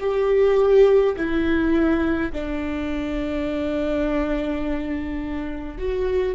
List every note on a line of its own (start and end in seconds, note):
0.00 1.15 G4
1.16 2.32 E4
2.32 5.78 D4
5.78 6.35 F#4